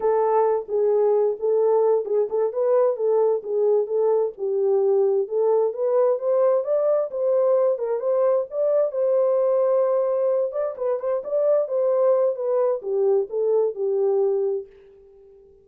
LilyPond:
\new Staff \with { instrumentName = "horn" } { \time 4/4 \tempo 4 = 131 a'4. gis'4. a'4~ | a'8 gis'8 a'8 b'4 a'4 gis'8~ | gis'8 a'4 g'2 a'8~ | a'8 b'4 c''4 d''4 c''8~ |
c''4 ais'8 c''4 d''4 c''8~ | c''2. d''8 b'8 | c''8 d''4 c''4. b'4 | g'4 a'4 g'2 | }